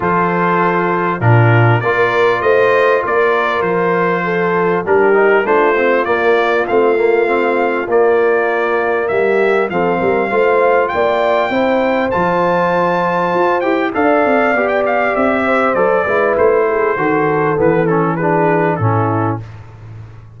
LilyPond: <<
  \new Staff \with { instrumentName = "trumpet" } { \time 4/4 \tempo 4 = 99 c''2 ais'4 d''4 | dis''4 d''4 c''2 | ais'4 c''4 d''4 f''4~ | f''4 d''2 e''4 |
f''2 g''2 | a''2~ a''8 g''8 f''4~ | f''16 g''16 f''8 e''4 d''4 c''4~ | c''4 b'8 a'8 b'4 a'4 | }
  \new Staff \with { instrumentName = "horn" } { \time 4/4 a'2 f'4 ais'4 | c''4 ais'2 a'4 | g'4 f'2.~ | f'2. g'4 |
a'8 ais'8 c''4 d''4 c''4~ | c''2. d''4~ | d''4. c''4 b'4 gis'8 | a'2 gis'4 e'4 | }
  \new Staff \with { instrumentName = "trombone" } { \time 4/4 f'2 d'4 f'4~ | f'1 | d'8 dis'8 d'8 c'8 ais4 c'8 ais8 | c'4 ais2. |
c'4 f'2 e'4 | f'2~ f'8 g'8 a'4 | g'2 a'8 e'4. | fis'4 b8 cis'8 d'4 cis'4 | }
  \new Staff \with { instrumentName = "tuba" } { \time 4/4 f2 ais,4 ais4 | a4 ais4 f2 | g4 a4 ais4 a4~ | a4 ais2 g4 |
f8 g8 a4 ais4 c'4 | f2 f'8 e'8 d'8 c'8 | b4 c'4 fis8 gis8 a4 | dis4 e2 a,4 | }
>>